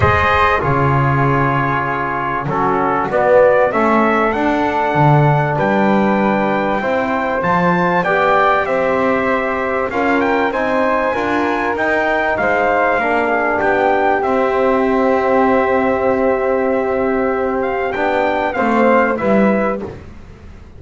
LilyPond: <<
  \new Staff \with { instrumentName = "trumpet" } { \time 4/4 \tempo 4 = 97 dis''4 cis''2. | a'4 d''4 e''4 fis''4~ | fis''4 g''2. | a''4 g''4 e''2 |
f''8 g''8 gis''2 g''4 | f''2 g''4 e''4~ | e''1~ | e''8 f''8 g''4 f''4 e''4 | }
  \new Staff \with { instrumentName = "flute" } { \time 4/4 c''4 gis'2. | fis'2 a'2~ | a'4 b'2 c''4~ | c''4 d''4 c''2 |
ais'4 c''4 ais'2 | c''4 ais'8 gis'8 g'2~ | g'1~ | g'2 c''4 b'4 | }
  \new Staff \with { instrumentName = "trombone" } { \time 4/4 gis'4 f'2. | cis'4 b4 cis'4 d'4~ | d'2. e'4 | f'4 g'2. |
f'4 dis'4 f'4 dis'4~ | dis'4 d'2 c'4~ | c'1~ | c'4 d'4 c'4 e'4 | }
  \new Staff \with { instrumentName = "double bass" } { \time 4/4 gis4 cis2. | fis4 b4 a4 d'4 | d4 g2 c'4 | f4 b4 c'2 |
cis'4 c'4 d'4 dis'4 | gis4 ais4 b4 c'4~ | c'1~ | c'4 b4 a4 g4 | }
>>